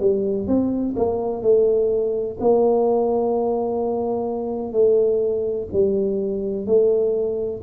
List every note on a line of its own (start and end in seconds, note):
0.00 0.47 G3
0.47 0.95 C4
0.97 1.42 A#3
1.42 2.37 A3
2.40 4.72 A#3
4.72 5.68 A3
5.73 6.66 G3
6.66 7.61 A3